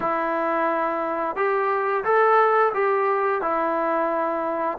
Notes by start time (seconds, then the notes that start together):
0.00 E4
1.35 G4
2.04 A4
2.74 G4
3.41 E4